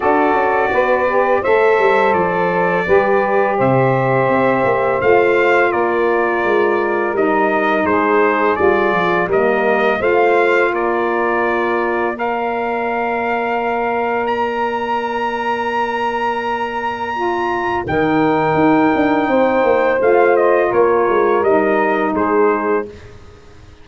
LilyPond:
<<
  \new Staff \with { instrumentName = "trumpet" } { \time 4/4 \tempo 4 = 84 d''2 e''4 d''4~ | d''4 e''2 f''4 | d''2 dis''4 c''4 | d''4 dis''4 f''4 d''4~ |
d''4 f''2. | ais''1~ | ais''4 g''2. | f''8 dis''8 cis''4 dis''4 c''4 | }
  \new Staff \with { instrumentName = "saxophone" } { \time 4/4 a'4 b'4 c''2 | b'4 c''2. | ais'2. gis'4~ | gis'4 ais'4 c''4 ais'4~ |
ais'4 d''2.~ | d''1~ | d''4 ais'2 c''4~ | c''4 ais'2 gis'4 | }
  \new Staff \with { instrumentName = "saxophone" } { \time 4/4 fis'4. g'8 a'2 | g'2. f'4~ | f'2 dis'2 | f'4 ais4 f'2~ |
f'4 ais'2.~ | ais'1 | f'4 dis'2. | f'2 dis'2 | }
  \new Staff \with { instrumentName = "tuba" } { \time 4/4 d'8 cis'8 b4 a8 g8 f4 | g4 c4 c'8 ais8 a4 | ais4 gis4 g4 gis4 | g8 f8 g4 a4 ais4~ |
ais1~ | ais1~ | ais4 dis4 dis'8 d'8 c'8 ais8 | a4 ais8 gis8 g4 gis4 | }
>>